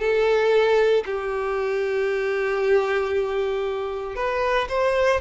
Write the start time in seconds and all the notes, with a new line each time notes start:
0.00 A4
1.06 G4
4.16 B4
4.69 C5